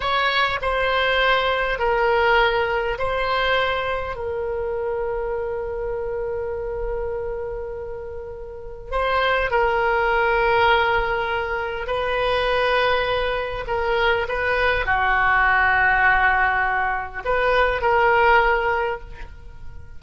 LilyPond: \new Staff \with { instrumentName = "oboe" } { \time 4/4 \tempo 4 = 101 cis''4 c''2 ais'4~ | ais'4 c''2 ais'4~ | ais'1~ | ais'2. c''4 |
ais'1 | b'2. ais'4 | b'4 fis'2.~ | fis'4 b'4 ais'2 | }